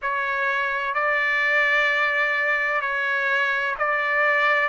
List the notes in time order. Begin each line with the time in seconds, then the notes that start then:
0.02 C#5
0.94 D5
2.81 C#5
3.78 D5